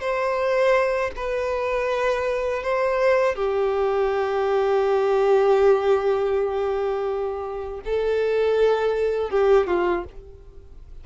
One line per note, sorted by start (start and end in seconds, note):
0.00 1.11 C5
1.16 2.63 B4
2.63 3.35 C5
3.35 7.80 G4
7.85 9.30 A4
9.30 9.67 G4
9.67 10.04 F4